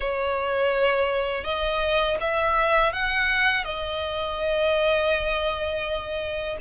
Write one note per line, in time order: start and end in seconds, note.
0.00 1.43 C#5
1.43 2.17 D#5
2.20 2.92 E5
2.92 3.64 F#5
3.64 6.57 D#5